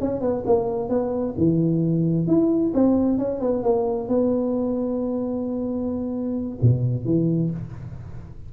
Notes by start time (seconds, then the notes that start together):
0.00 C#4
0.20 B3
0.46 A#3
0.89 B3
1.37 E3
2.27 E4
2.74 C4
3.18 C#4
3.40 B3
3.63 A#3
4.08 B3
6.61 B2
7.05 E3